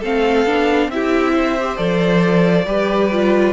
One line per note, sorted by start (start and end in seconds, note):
0.00 0.45 A3
0.00 0.47 C4
0.00 0.88 A4
0.00 0.91 F5
0.45 0.89 B3
0.45 0.91 D4
0.89 1.77 C4
0.89 1.59 E4
0.89 1.33 G4
0.89 1.77 E5
1.33 2.66 C5
1.60 1.77 G4
1.77 2.66 F3
1.77 2.65 A4
1.77 3.53 D5
2.66 3.53 G3
2.66 3.11 G4
2.66 3.53 B4
3.12 3.53 F4